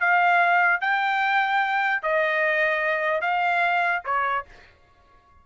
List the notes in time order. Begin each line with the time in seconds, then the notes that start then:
0.00 F5
0.81 G5
2.03 D#5
3.21 F5
4.05 C#5